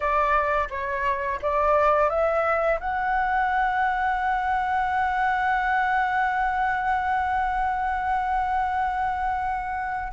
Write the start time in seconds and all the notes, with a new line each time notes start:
0.00 D5
0.70 C#5
1.41 D5
2.09 E5
2.79 F#5